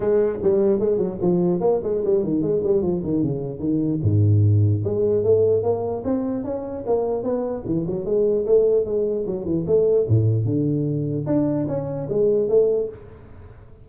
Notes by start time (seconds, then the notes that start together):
0.00 G#3
0.42 G3
0.79 G#3
0.98 F#3
1.21 F3
1.60 A#3
1.83 G#3
2.04 G3
2.23 D#3
2.42 G#3
2.63 G3
2.82 F3
3.04 D#3
3.23 C#3
3.59 D#3
4.02 G#2
4.84 G#3
5.23 A3
5.62 A#3
6.04 C4
6.44 C#4
6.86 A#3
7.23 B3
7.65 E3
7.86 F#3
8.05 G#3
8.46 A3
8.85 G#3
9.26 F#3
9.45 E3
9.66 A3
10.07 A2
10.45 D3
11.26 D4
11.67 C#4
12.09 G#3
12.48 A3